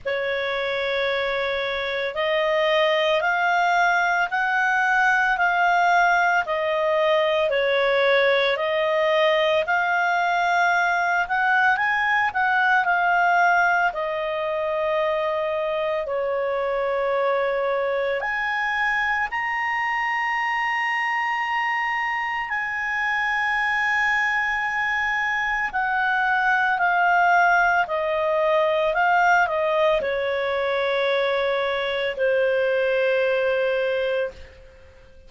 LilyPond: \new Staff \with { instrumentName = "clarinet" } { \time 4/4 \tempo 4 = 56 cis''2 dis''4 f''4 | fis''4 f''4 dis''4 cis''4 | dis''4 f''4. fis''8 gis''8 fis''8 | f''4 dis''2 cis''4~ |
cis''4 gis''4 ais''2~ | ais''4 gis''2. | fis''4 f''4 dis''4 f''8 dis''8 | cis''2 c''2 | }